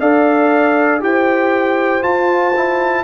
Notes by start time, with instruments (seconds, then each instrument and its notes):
0.00 tuba D4, trombone A4, horn D5, trumpet F5
1.00 tuba E4, trombone G4, horn C5, trumpet G5
2.01 trombone F4, tuba F4, trumpet A5
2.56 trombone E4